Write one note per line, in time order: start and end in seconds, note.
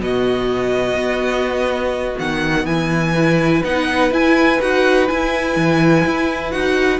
0.00 0.95 B2
0.00 3.15 B3
0.00 2.66 F#4
0.00 2.19 D#5
0.95 2.16 B3
2.19 2.66 D#3
2.19 2.66 F#5
2.66 3.62 E3
2.66 3.14 E4
2.66 3.63 G#5
3.14 3.64 E4
3.14 7.00 B4
3.64 4.11 B3
3.64 4.11 D#4
3.64 4.13 F#5
4.11 4.60 E4
4.11 4.62 G#5
4.61 5.10 D#4
4.61 5.09 F#4
4.61 5.08 F#5
5.08 6.51 E4
5.08 5.56 E4
5.08 6.51 G#5
5.56 6.05 E3
6.05 6.54 E4
6.51 7.00 D#4
6.51 7.00 F#4
6.51 7.00 F#5